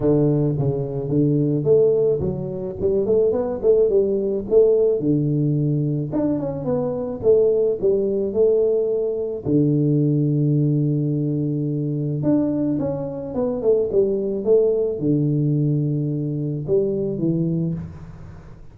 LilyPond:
\new Staff \with { instrumentName = "tuba" } { \time 4/4 \tempo 4 = 108 d4 cis4 d4 a4 | fis4 g8 a8 b8 a8 g4 | a4 d2 d'8 cis'8 | b4 a4 g4 a4~ |
a4 d2.~ | d2 d'4 cis'4 | b8 a8 g4 a4 d4~ | d2 g4 e4 | }